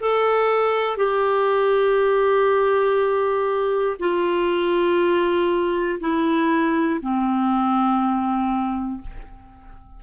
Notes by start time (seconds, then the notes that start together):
0.00 A4
0.97 G4
3.99 F4
6.00 E4
7.01 C4